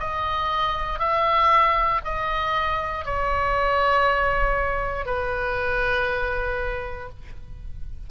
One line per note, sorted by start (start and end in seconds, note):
0.00 0.99 D#5
0.99 2.01 E5
2.05 3.06 D#5
3.06 5.06 C#5
5.06 7.10 B4